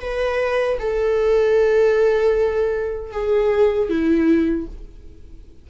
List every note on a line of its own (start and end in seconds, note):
0.00 0.78 B4
0.79 3.12 A4
3.12 3.89 G#4
3.89 4.67 E4